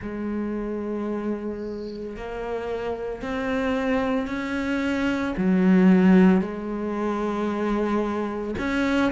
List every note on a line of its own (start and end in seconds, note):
0.01 2.16 G#3
2.16 3.21 A#3
3.21 4.27 C4
4.27 5.34 C#4
5.37 6.40 F#3
6.40 8.55 G#3
8.58 9.12 C#4